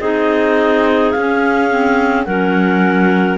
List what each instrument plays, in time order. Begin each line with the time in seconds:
0.00 cello C4, clarinet D#4 G#4 D#5
1.11 cello C#4, clarinet F5
1.17 clarinet C#4
1.70 clarinet C4
2.25 cello F#3, clarinet C#4 A#4 F#5